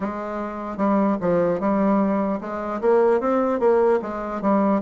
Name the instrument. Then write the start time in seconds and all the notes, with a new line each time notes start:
bassoon
0.00 G#3
0.77 G3
1.20 F3
1.60 G3
2.40 G#3
2.81 A#3
3.20 C4
3.59 A#3
4.02 G#3
4.41 G3